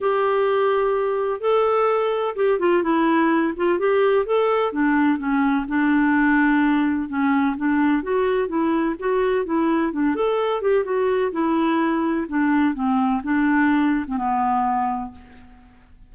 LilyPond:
\new Staff \with { instrumentName = "clarinet" } { \time 4/4 \tempo 4 = 127 g'2. a'4~ | a'4 g'8 f'8 e'4. f'8 | g'4 a'4 d'4 cis'4 | d'2. cis'4 |
d'4 fis'4 e'4 fis'4 | e'4 d'8 a'4 g'8 fis'4 | e'2 d'4 c'4 | d'4.~ d'16 c'16 b2 | }